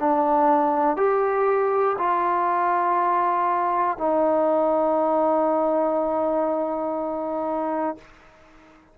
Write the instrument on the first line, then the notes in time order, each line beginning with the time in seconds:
trombone
0.00 D4
0.97 G4
1.99 F4
3.98 D#4